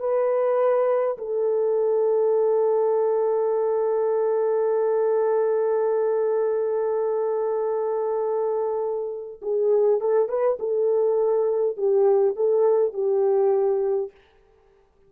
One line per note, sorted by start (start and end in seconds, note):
0.00 1.18 B4
1.18 9.41 A4
9.42 10.01 G#4
10.01 10.29 A4
10.29 10.58 B4
10.60 11.77 A4
11.77 12.36 G4
12.36 12.93 A4
12.93 14.11 G4